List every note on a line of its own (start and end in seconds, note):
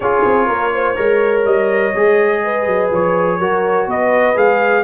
0.00 0.22 C#4
0.00 0.95 F4
0.00 0.46 G#4
0.00 1.41 C#5
0.24 0.48 C4
0.46 0.96 A#3
0.46 0.70 A#4
0.73 0.97 C5
0.95 1.45 G#3
0.95 1.92 A#4
0.95 2.42 C#5
1.45 1.93 G3
1.45 2.90 D#5
1.95 2.66 G#3
1.95 3.40 G#4
2.43 3.39 B4
2.66 2.90 F#3
2.91 3.39 F3
2.91 3.90 C#5
3.39 3.86 F#3
3.39 4.35 F#4
3.39 3.87 A#4
3.86 4.35 B3
3.86 4.83 B4
3.86 4.37 D#5
4.35 4.83 G#3
4.35 4.83 G#4
4.35 4.83 F5